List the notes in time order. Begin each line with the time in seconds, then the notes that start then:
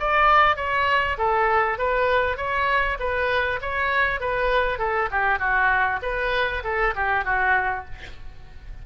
0.00 D5
0.57 C#5
1.18 A4
1.79 B4
2.37 C#5
3.00 B4
3.62 C#5
4.20 B4
4.79 A4
5.12 G4
5.39 F#4
6.03 B4
6.64 A4
6.96 G4
7.25 F#4